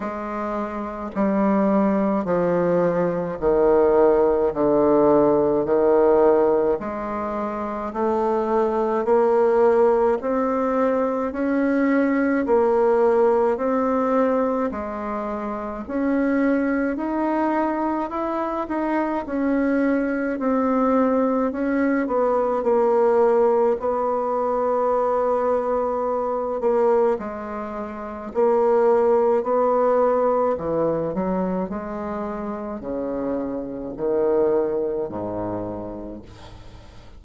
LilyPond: \new Staff \with { instrumentName = "bassoon" } { \time 4/4 \tempo 4 = 53 gis4 g4 f4 dis4 | d4 dis4 gis4 a4 | ais4 c'4 cis'4 ais4 | c'4 gis4 cis'4 dis'4 |
e'8 dis'8 cis'4 c'4 cis'8 b8 | ais4 b2~ b8 ais8 | gis4 ais4 b4 e8 fis8 | gis4 cis4 dis4 gis,4 | }